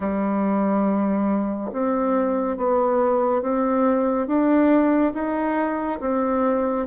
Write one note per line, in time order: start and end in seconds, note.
0.00 1.71 G3
1.72 2.57 C4
2.57 3.42 B3
3.42 4.27 C4
4.27 5.12 D4
5.14 5.99 D#4
6.00 6.86 C4